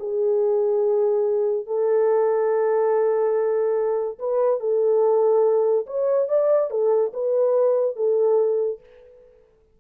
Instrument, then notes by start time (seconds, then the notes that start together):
horn
0.00 G#4
1.67 A4
4.19 B4
4.61 A4
5.87 C#5
6.29 D5
6.71 A4
7.14 B4
7.96 A4